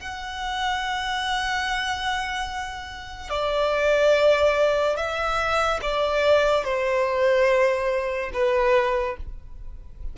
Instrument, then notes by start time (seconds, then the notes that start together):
violin
0.00 F#5
3.30 D5
4.97 E5
5.82 D5
6.64 C5
8.34 B4